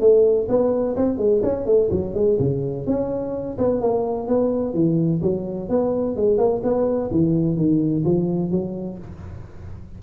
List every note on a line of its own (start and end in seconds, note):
0.00 0.47 A3
0.48 0.96 B3
0.96 1.18 C4
1.18 1.41 G#3
1.43 1.66 C#4
1.66 1.89 A3
1.91 2.14 F#3
2.14 2.38 G#3
2.39 2.86 C#3
2.86 3.57 C#4
3.58 3.81 B3
3.81 4.27 A#3
4.27 4.74 B3
4.74 5.21 E3
5.22 5.69 F#3
5.69 6.16 B3
6.16 6.38 G#3
6.38 6.61 A#3
6.63 7.10 B3
7.11 7.56 E3
7.56 8.03 D#3
8.05 8.51 F3
8.51 8.98 F#3